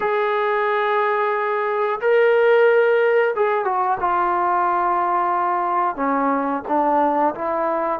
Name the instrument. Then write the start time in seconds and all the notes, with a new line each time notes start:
trombone
0.00 G#4
2.01 A#4
3.35 G#4
3.64 F#4
4.00 F4
5.96 C#4
6.68 D4
7.34 E4